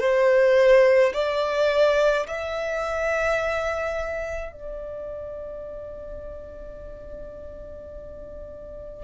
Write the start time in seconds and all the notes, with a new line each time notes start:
0.00 C5
1.14 D5
2.27 E5
4.52 D5